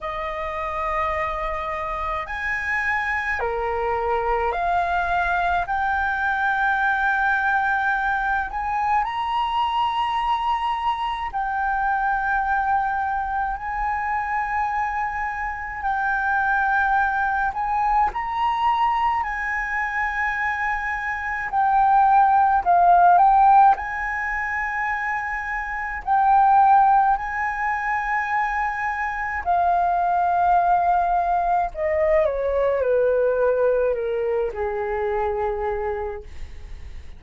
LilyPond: \new Staff \with { instrumentName = "flute" } { \time 4/4 \tempo 4 = 53 dis''2 gis''4 ais'4 | f''4 g''2~ g''8 gis''8 | ais''2 g''2 | gis''2 g''4. gis''8 |
ais''4 gis''2 g''4 | f''8 g''8 gis''2 g''4 | gis''2 f''2 | dis''8 cis''8 b'4 ais'8 gis'4. | }